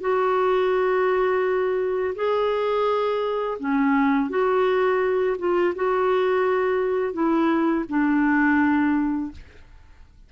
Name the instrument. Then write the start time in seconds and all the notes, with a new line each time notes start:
clarinet
0.00 F#4
2.15 G#4
3.59 C#4
4.30 F#4
5.38 F4
5.75 F#4
7.13 E4
7.89 D4